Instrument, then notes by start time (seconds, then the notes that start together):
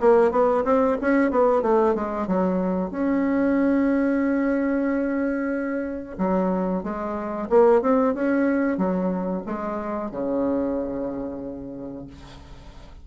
bassoon
0.00 A#3
0.31 B3
0.64 C4
1.01 C#4
1.31 B3
1.62 A3
1.94 G#3
2.27 F#3
2.91 C#4
6.18 F#3
6.83 G#3
7.49 A#3
7.82 C4
8.15 C#4
8.77 F#3
9.46 G#3
10.11 C#3